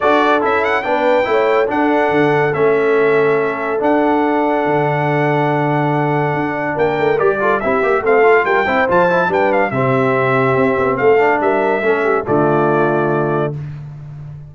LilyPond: <<
  \new Staff \with { instrumentName = "trumpet" } { \time 4/4 \tempo 4 = 142 d''4 e''8 fis''8 g''2 | fis''2 e''2~ | e''4 fis''2.~ | fis''1 |
g''4 d''4 e''4 f''4 | g''4 a''4 g''8 f''8 e''4~ | e''2 f''4 e''4~ | e''4 d''2. | }
  \new Staff \with { instrumentName = "horn" } { \time 4/4 a'2 b'4 cis''4 | a'1~ | a'1~ | a'1 |
ais'4. a'8 g'4 a'4 | ais'8 c''4. b'4 g'4~ | g'2 a'4 ais'4 | a'8 g'8 f'2. | }
  \new Staff \with { instrumentName = "trombone" } { \time 4/4 fis'4 e'4 d'4 e'4 | d'2 cis'2~ | cis'4 d'2.~ | d'1~ |
d'4 g'8 f'8 e'8 g'8 c'8 f'8~ | f'8 e'8 f'8 e'8 d'4 c'4~ | c'2~ c'8 d'4. | cis'4 a2. | }
  \new Staff \with { instrumentName = "tuba" } { \time 4/4 d'4 cis'4 b4 a4 | d'4 d4 a2~ | a4 d'2 d4~ | d2. d'4 |
ais8 a8 g4 c'8 ais8 a4 | g8 c'8 f4 g4 c4~ | c4 c'8 b8 a4 g4 | a4 d2. | }
>>